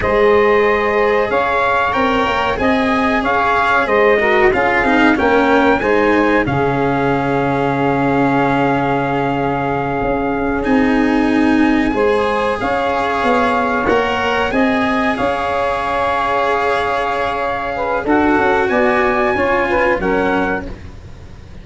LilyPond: <<
  \new Staff \with { instrumentName = "trumpet" } { \time 4/4 \tempo 4 = 93 dis''2 f''4 g''4 | gis''4 f''4 dis''4 f''4 | g''4 gis''4 f''2~ | f''1~ |
f''8 gis''2. f''8~ | f''4. fis''4 gis''4 f''8~ | f''1 | fis''4 gis''2 fis''4 | }
  \new Staff \with { instrumentName = "saxophone" } { \time 4/4 c''2 cis''2 | dis''4 cis''4 c''8 ais'8 gis'4 | ais'4 c''4 gis'2~ | gis'1~ |
gis'2~ gis'8 c''4 cis''8~ | cis''2~ cis''8 dis''4 cis''8~ | cis''2.~ cis''8 b'8 | a'4 d''4 cis''8 b'8 ais'4 | }
  \new Staff \with { instrumentName = "cello" } { \time 4/4 gis'2. ais'4 | gis'2~ gis'8 fis'8 f'8 dis'8 | cis'4 dis'4 cis'2~ | cis'1~ |
cis'8 dis'2 gis'4.~ | gis'4. ais'4 gis'4.~ | gis'1 | fis'2 f'4 cis'4 | }
  \new Staff \with { instrumentName = "tuba" } { \time 4/4 gis2 cis'4 c'8 ais8 | c'4 cis'4 gis4 cis'8 c'8 | ais4 gis4 cis2~ | cis2.~ cis8 cis'8~ |
cis'8 c'2 gis4 cis'8~ | cis'8 b4 ais4 c'4 cis'8~ | cis'1 | d'8 cis'8 b4 cis'4 fis4 | }
>>